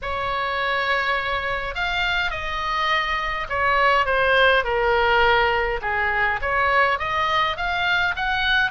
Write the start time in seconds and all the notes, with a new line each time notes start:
0.02 C#5
1.74 F5
2.30 D#5
3.49 C#5
4.05 C5
4.64 A#4
5.81 G#4
6.41 C#5
6.98 D#5
7.56 F5
8.16 F#5